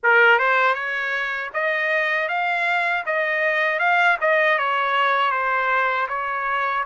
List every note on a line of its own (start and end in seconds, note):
0.03 0.38 A#4
0.38 0.74 C5
0.74 1.50 C#5
1.53 2.28 D#5
2.28 3.04 F5
3.06 3.79 D#5
3.79 4.17 F5
4.20 4.58 D#5
4.58 5.31 C#5
5.31 6.07 C5
6.08 6.84 C#5